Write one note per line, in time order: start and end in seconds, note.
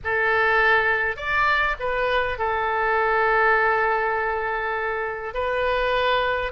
0.04 1.16 A4
1.16 1.75 D5
1.79 2.38 B4
2.38 5.34 A4
5.34 6.52 B4